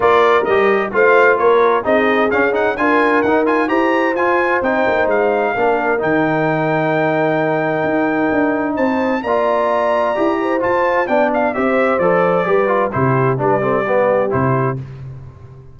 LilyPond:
<<
  \new Staff \with { instrumentName = "trumpet" } { \time 4/4 \tempo 4 = 130 d''4 dis''4 f''4 cis''4 | dis''4 f''8 fis''8 gis''4 fis''8 gis''8 | ais''4 gis''4 g''4 f''4~ | f''4 g''2.~ |
g''2. a''4 | ais''2. a''4 | g''8 f''8 e''4 d''2 | c''4 d''2 c''4 | }
  \new Staff \with { instrumentName = "horn" } { \time 4/4 ais'2 c''4 ais'4 | gis'2 ais'2 | c''1 | ais'1~ |
ais'2. c''4 | d''2~ d''8 c''4. | d''4 c''2 b'4 | g'4 b'8 a'8 g'2 | }
  \new Staff \with { instrumentName = "trombone" } { \time 4/4 f'4 g'4 f'2 | dis'4 cis'8 dis'8 f'4 dis'8 f'8 | g'4 f'4 dis'2 | d'4 dis'2.~ |
dis'1 | f'2 g'4 f'4 | d'4 g'4 a'4 g'8 f'8 | e'4 d'8 c'8 b4 e'4 | }
  \new Staff \with { instrumentName = "tuba" } { \time 4/4 ais4 g4 a4 ais4 | c'4 cis'4 d'4 dis'4 | e'4 f'4 c'8 ais8 gis4 | ais4 dis2.~ |
dis4 dis'4 d'4 c'4 | ais2 e'4 f'4 | b4 c'4 f4 g4 | c4 g2 c4 | }
>>